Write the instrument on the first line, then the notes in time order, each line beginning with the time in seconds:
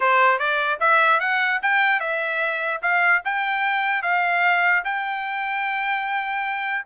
trumpet
0.00 C5
0.38 D5
0.79 E5
1.20 F#5
1.62 G5
2.00 E5
2.82 F5
3.24 G5
4.02 F5
4.84 G5